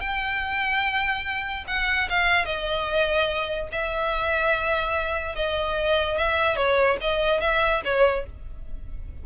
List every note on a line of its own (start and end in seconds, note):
0.00 1.64 G5
1.67 2.08 F#5
2.09 2.45 F5
2.45 3.69 D#5
3.72 5.35 E5
5.35 6.18 D#5
6.18 6.56 E5
6.56 6.97 C#5
7.01 7.41 D#5
7.41 7.82 E5
7.84 8.25 C#5